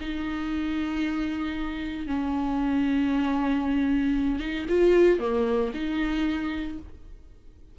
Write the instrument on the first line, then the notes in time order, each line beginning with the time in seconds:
viola
0.00 D#4
2.06 C#4
4.39 D#4
4.68 F4
5.19 A#3
5.74 D#4